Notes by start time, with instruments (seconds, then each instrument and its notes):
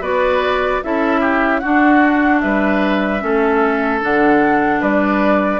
0.00 bassoon B3, clarinet F#4, oboe B4, flute D5
0.82 bassoon C#4, clarinet E4, oboe A4, flute E5
1.20 oboe G4
1.59 clarinet D4, bassoon D4, oboe F#4, flute F#5
2.40 bassoon G3, oboe B4, flute E5
3.20 bassoon A3, clarinet C#4, oboe A4
4.00 bassoon D3, clarinet D4, flute F#5
4.80 bassoon G3, oboe B4, flute D5